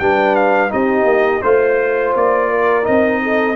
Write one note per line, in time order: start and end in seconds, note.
0.00 0.71 G3
0.00 0.70 D4
0.00 0.72 B4
0.00 0.36 G5
0.36 0.71 F5
0.70 1.05 C4
0.70 1.41 D#4
0.70 1.43 G4
0.70 1.42 D#5
1.05 1.41 A#3
1.42 2.15 A3
1.42 2.84 F4
1.42 2.14 C5
1.42 2.50 C5
2.15 2.87 A#3
2.15 2.86 D5
2.50 3.22 A#4
2.84 3.56 C4
2.84 3.55 D#4
2.84 3.56 D#5
3.23 3.56 A4